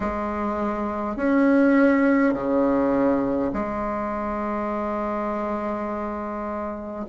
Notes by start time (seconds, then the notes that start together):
0.00 G#3
1.16 C#4
2.33 C#3
3.53 G#3